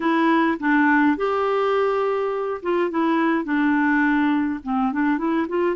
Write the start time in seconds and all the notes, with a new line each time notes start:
0.00 E4
0.59 D4
1.17 G4
2.62 F4
2.90 E4
3.44 D4
4.63 C4
4.92 D4
5.18 E4
5.48 F4